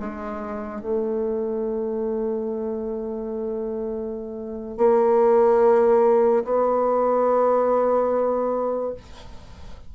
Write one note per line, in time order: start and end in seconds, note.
0.00 0.82 G#3
0.82 4.78 A3
4.78 6.44 A#3
6.44 8.94 B3